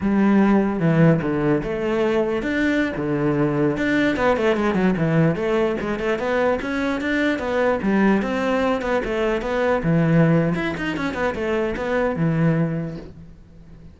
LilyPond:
\new Staff \with { instrumentName = "cello" } { \time 4/4 \tempo 4 = 148 g2 e4 d4 | a2 d'4~ d'16 d8.~ | d4~ d16 d'4 b8 a8 gis8 fis16~ | fis16 e4 a4 gis8 a8 b8.~ |
b16 cis'4 d'4 b4 g8.~ | g16 c'4. b8 a4 b8.~ | b16 e4.~ e16 e'8 dis'8 cis'8 b8 | a4 b4 e2 | }